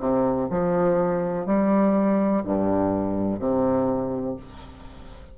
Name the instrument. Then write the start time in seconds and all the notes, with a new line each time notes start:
bassoon
0.00 C3
0.51 F3
1.46 G3
2.45 G2
3.40 C3